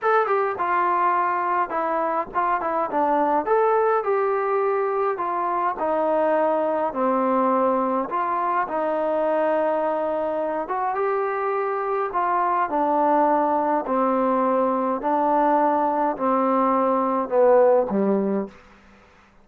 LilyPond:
\new Staff \with { instrumentName = "trombone" } { \time 4/4 \tempo 4 = 104 a'8 g'8 f'2 e'4 | f'8 e'8 d'4 a'4 g'4~ | g'4 f'4 dis'2 | c'2 f'4 dis'4~ |
dis'2~ dis'8 fis'8 g'4~ | g'4 f'4 d'2 | c'2 d'2 | c'2 b4 g4 | }